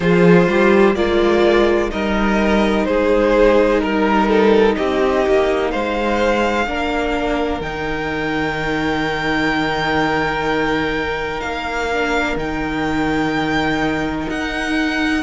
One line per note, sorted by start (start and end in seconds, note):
0.00 0.46 F3
0.00 0.96 F4
0.00 0.47 G#4
0.00 0.95 C5
0.47 0.95 G3
0.47 0.96 G4
0.95 1.91 G#3
0.95 1.91 A#3
0.95 1.89 F4
0.95 1.90 D5
1.89 2.86 G3
1.89 6.65 D#4
1.89 2.87 A#4
1.89 2.85 D#5
2.85 3.82 G#3
2.85 3.82 G#4
2.85 3.79 C5
3.79 4.77 G3
3.79 4.74 A#4
3.79 4.28 A#4
4.28 4.75 A4
4.75 5.26 C4
4.75 5.70 G4
4.75 5.70 D#5
5.27 5.73 A#3
5.70 6.66 G#3
5.70 6.65 C5
5.70 7.61 F5
6.66 7.60 A#3
6.66 7.61 D4
6.66 15.22 A#4
7.60 11.41 D#3
7.60 11.91 D#4
7.60 11.40 G5
11.40 12.36 A#3
11.40 12.35 F5
11.91 12.37 D4
12.36 14.26 D#3
12.36 15.22 D#4
12.36 14.29 G5
14.28 15.22 D#4
14.28 15.22 F#5